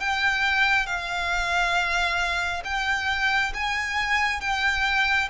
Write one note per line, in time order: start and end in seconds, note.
0.00 0.86 G5
0.86 2.63 F5
2.64 3.53 G5
3.54 4.41 G#5
4.41 5.29 G5